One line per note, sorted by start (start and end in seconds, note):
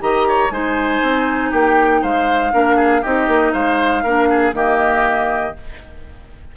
0.00 0.50 D#3
0.00 0.50 G4
0.00 0.28 D#5
0.00 0.51 A#5
0.28 0.53 C#5
0.50 1.01 G#3
0.50 2.52 D#4
0.50 1.51 C5
0.50 1.52 G#5
1.02 1.53 C4
1.51 2.03 A#3
1.51 2.01 G4
1.51 2.04 G5
2.03 2.54 G#3
2.03 2.53 C5
2.03 3.05 F5
2.52 3.05 A#3
2.52 3.03 D4
2.52 2.77 A#4
2.77 3.02 G#4
3.02 3.28 C4
3.02 4.05 D#4
3.02 3.53 G4
3.02 3.53 D#5
3.28 3.53 A#3
3.53 4.04 G#3
3.53 4.04 C5
3.53 4.54 F5
4.04 4.53 A#3
4.04 4.53 D4
4.04 4.29 A#4
4.30 4.55 G#4
4.53 5.54 D#3
4.53 5.54 A#3
4.53 5.57 G4
4.53 5.57 D#5